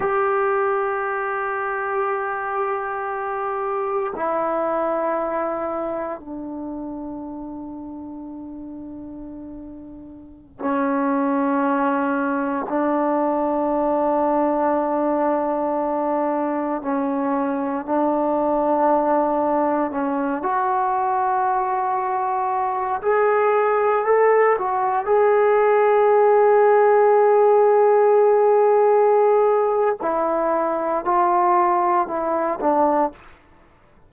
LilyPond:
\new Staff \with { instrumentName = "trombone" } { \time 4/4 \tempo 4 = 58 g'1 | e'2 d'2~ | d'2~ d'16 cis'4.~ cis'16~ | cis'16 d'2.~ d'8.~ |
d'16 cis'4 d'2 cis'8 fis'16~ | fis'2~ fis'16 gis'4 a'8 fis'16~ | fis'16 gis'2.~ gis'8.~ | gis'4 e'4 f'4 e'8 d'8 | }